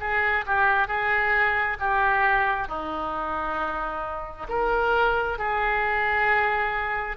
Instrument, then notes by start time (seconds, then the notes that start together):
oboe
0.00 G#4
0.46 G4
0.88 G#4
1.80 G4
2.68 D#4
4.49 A#4
5.39 G#4